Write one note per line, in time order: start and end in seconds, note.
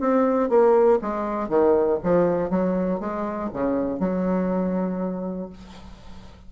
0.00 0.49 C4
0.49 0.99 A#3
1.02 1.49 G#3
1.49 1.99 D#3
2.03 2.50 F3
2.50 3.00 F#3
3.00 3.50 G#3
3.53 4.00 C#3
4.00 5.50 F#3